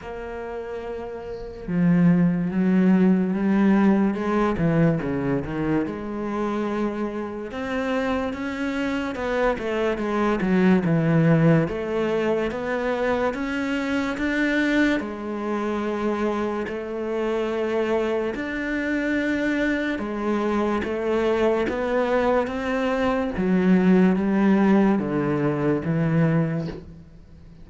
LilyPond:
\new Staff \with { instrumentName = "cello" } { \time 4/4 \tempo 4 = 72 ais2 f4 fis4 | g4 gis8 e8 cis8 dis8 gis4~ | gis4 c'4 cis'4 b8 a8 | gis8 fis8 e4 a4 b4 |
cis'4 d'4 gis2 | a2 d'2 | gis4 a4 b4 c'4 | fis4 g4 d4 e4 | }